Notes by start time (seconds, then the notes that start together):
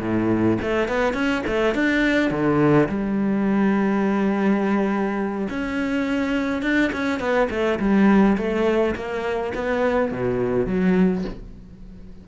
0.00 A2
0.62 A3
0.88 B3
1.14 C#4
1.47 A3
1.74 D4
2.31 D3
2.89 G3
5.49 C#4
6.62 D4
6.93 C#4
7.20 B3
7.50 A3
7.79 G3
8.37 A3
8.96 A#3
9.55 B3
10.11 B2
10.67 F#3